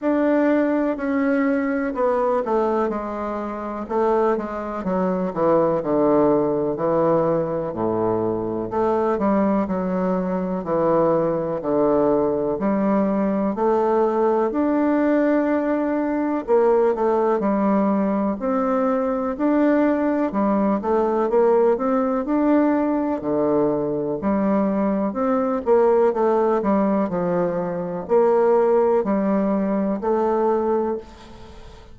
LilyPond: \new Staff \with { instrumentName = "bassoon" } { \time 4/4 \tempo 4 = 62 d'4 cis'4 b8 a8 gis4 | a8 gis8 fis8 e8 d4 e4 | a,4 a8 g8 fis4 e4 | d4 g4 a4 d'4~ |
d'4 ais8 a8 g4 c'4 | d'4 g8 a8 ais8 c'8 d'4 | d4 g4 c'8 ais8 a8 g8 | f4 ais4 g4 a4 | }